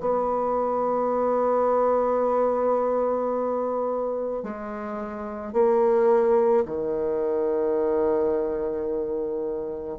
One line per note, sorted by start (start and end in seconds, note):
0.00 4.43 B3
4.43 5.53 G#3
5.53 6.64 A#3
6.66 9.98 D#3